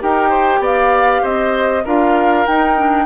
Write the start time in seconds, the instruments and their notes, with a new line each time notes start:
0.00 bassoon D#4, clarinet G4, oboe A#4, flute G5
0.30 oboe C5
0.60 bassoon B3, oboe D5, flute F5
1.23 bassoon C4, oboe C5, flute D#5
1.85 bassoon D4, clarinet F4, oboe A#4, flute F5
2.47 clarinet D#4, bassoon D#4, flute G5
2.77 clarinet D4